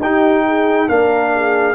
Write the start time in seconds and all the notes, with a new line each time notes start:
0.00 D#4 G4 G5
0.46 G#4
0.88 A#3 D4 A#4 F5
1.34 G#4